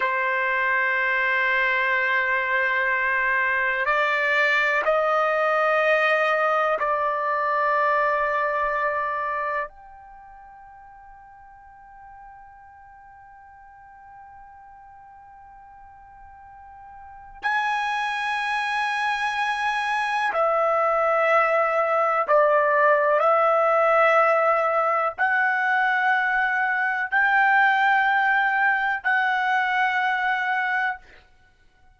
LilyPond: \new Staff \with { instrumentName = "trumpet" } { \time 4/4 \tempo 4 = 62 c''1 | d''4 dis''2 d''4~ | d''2 g''2~ | g''1~ |
g''2 gis''2~ | gis''4 e''2 d''4 | e''2 fis''2 | g''2 fis''2 | }